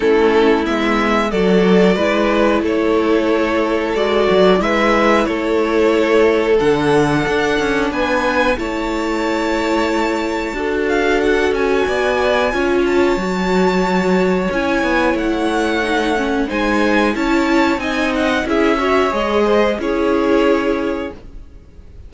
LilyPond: <<
  \new Staff \with { instrumentName = "violin" } { \time 4/4 \tempo 4 = 91 a'4 e''4 d''2 | cis''2 d''4 e''4 | cis''2 fis''2 | gis''4 a''2.~ |
a''8 f''8 fis''8 gis''2 a''8~ | a''2 gis''4 fis''4~ | fis''4 gis''4 a''4 gis''8 fis''8 | e''4 dis''4 cis''2 | }
  \new Staff \with { instrumentName = "violin" } { \time 4/4 e'2 a'4 b'4 | a'2. b'4 | a'1 | b'4 cis''2. |
a'2 d''4 cis''4~ | cis''1~ | cis''4 c''4 cis''4 dis''4 | gis'8 cis''4 c''8 gis'2 | }
  \new Staff \with { instrumentName = "viola" } { \time 4/4 cis'4 b4 fis'4 e'4~ | e'2 fis'4 e'4~ | e'2 d'2~ | d'4 e'2. |
fis'2. f'4 | fis'2 e'2 | dis'8 cis'8 dis'4 e'4 dis'4 | e'8 fis'8 gis'4 e'2 | }
  \new Staff \with { instrumentName = "cello" } { \time 4/4 a4 gis4 fis4 gis4 | a2 gis8 fis8 gis4 | a2 d4 d'8 cis'8 | b4 a2. |
d'4. cis'8 b4 cis'4 | fis2 cis'8 b8 a4~ | a4 gis4 cis'4 c'4 | cis'4 gis4 cis'2 | }
>>